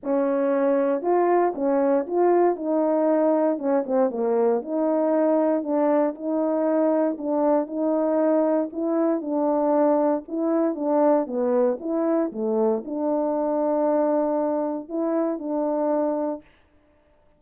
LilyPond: \new Staff \with { instrumentName = "horn" } { \time 4/4 \tempo 4 = 117 cis'2 f'4 cis'4 | f'4 dis'2 cis'8 c'8 | ais4 dis'2 d'4 | dis'2 d'4 dis'4~ |
dis'4 e'4 d'2 | e'4 d'4 b4 e'4 | a4 d'2.~ | d'4 e'4 d'2 | }